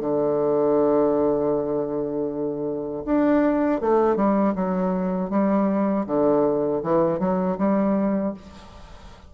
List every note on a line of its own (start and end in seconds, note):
0.00 3.04 D3
3.05 3.81 D4
3.81 4.16 A3
4.16 4.54 G3
4.55 5.30 F#3
5.30 6.06 G3
6.07 6.83 D3
6.83 7.19 E3
7.19 7.57 F#3
7.58 8.34 G3